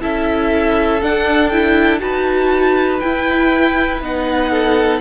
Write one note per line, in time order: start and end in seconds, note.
0.00 1.02 C#4
0.00 1.00 E4
0.00 2.01 A4
0.00 1.02 E5
1.02 2.01 D4
1.02 1.51 D4
1.02 1.48 F#5
1.48 1.99 E4
1.48 1.98 G5
1.99 3.01 D#4
1.99 2.99 F#4
1.99 4.50 B4
1.99 2.99 A5
2.99 4.01 E4
2.99 4.02 E4
2.99 3.99 G5
4.01 5.00 B3
4.01 5.00 D#4
4.01 5.00 F#5
4.50 5.00 A4